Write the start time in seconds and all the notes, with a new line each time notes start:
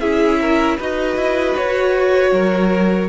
0.00 C#4 E4 G#4 E5
0.41 A#4
0.77 D#4 F#4 B4 D#5
1.16 E4
1.57 F#4 C#5
2.32 F#3 A#4